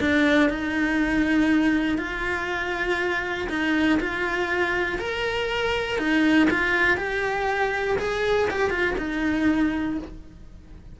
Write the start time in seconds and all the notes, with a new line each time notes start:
0.00 D4
0.50 D#4
1.98 F4
3.49 D#4
4.00 F4
4.99 A#4
5.98 D#4
6.50 F4
6.97 G4
7.98 G#4
8.50 G4
8.70 F4
8.98 D#4